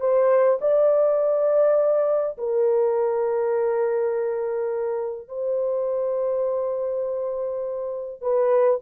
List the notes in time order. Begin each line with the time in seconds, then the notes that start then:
0.00 C5
0.61 D5
2.38 A#4
5.28 C5
8.21 B4